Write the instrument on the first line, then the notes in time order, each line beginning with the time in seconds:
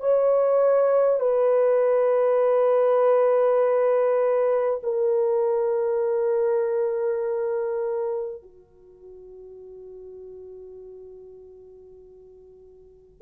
horn
0.00 C#5
1.20 B4
4.83 A#4
8.42 F#4